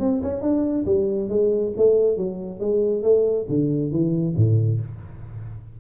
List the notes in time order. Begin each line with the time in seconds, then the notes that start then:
0.00 C4
0.23 C#4
0.42 D4
0.86 G3
1.29 G#3
1.77 A3
2.17 F#3
2.60 G#3
3.03 A3
3.49 D3
3.92 E3
4.37 A2